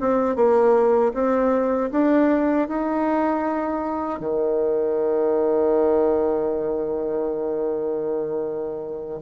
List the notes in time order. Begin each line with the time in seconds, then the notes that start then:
0.00 C4
0.35 A#3
1.14 C4
1.91 D4
2.68 D#4
4.20 D#3